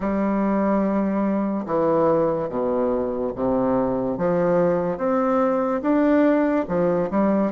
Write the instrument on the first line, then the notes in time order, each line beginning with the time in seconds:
bassoon
0.00 G3
1.66 E3
2.49 B2
3.35 C3
4.17 F3
4.97 C4
5.82 D4
6.67 F3
7.10 G3